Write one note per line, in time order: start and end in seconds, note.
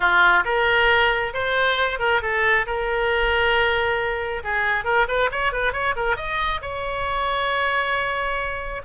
0.00 0.44 F4
0.45 1.33 A#4
1.33 1.99 C5
1.99 2.21 A#4
2.22 2.66 A4
2.66 4.42 A#4
4.43 4.84 G#4
4.84 5.06 A#4
5.08 5.30 B4
5.31 5.52 C#5
5.52 5.72 B4
5.72 5.94 C#5
5.96 6.16 A#4
6.16 6.60 D#5
6.61 8.82 C#5